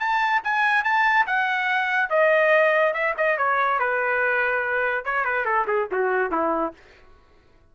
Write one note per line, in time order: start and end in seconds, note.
0.00 0.42 A5
0.44 0.84 G#5
0.84 1.26 A5
1.27 2.10 F#5
2.10 2.94 D#5
2.94 3.15 E5
3.17 3.38 D#5
3.38 3.80 C#5
3.80 5.05 B4
5.05 5.25 C#5
5.25 5.45 B4
5.45 5.66 A4
5.67 5.88 G#4
5.92 6.31 F#4
6.31 6.73 E4